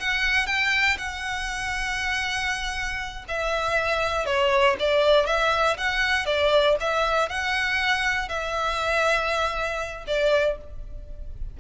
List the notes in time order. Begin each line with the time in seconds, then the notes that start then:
0.00 F#5
0.47 G5
0.98 F#5
3.28 E5
4.26 C#5
4.80 D5
5.27 E5
5.78 F#5
6.26 D5
6.80 E5
7.29 F#5
8.29 E5
10.07 D5